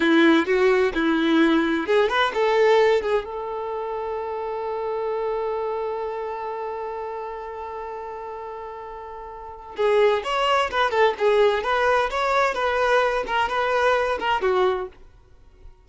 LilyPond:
\new Staff \with { instrumentName = "violin" } { \time 4/4 \tempo 4 = 129 e'4 fis'4 e'2 | gis'8 b'8 a'4. gis'8 a'4~ | a'1~ | a'1~ |
a'1~ | a'4 gis'4 cis''4 b'8 a'8 | gis'4 b'4 cis''4 b'4~ | b'8 ais'8 b'4. ais'8 fis'4 | }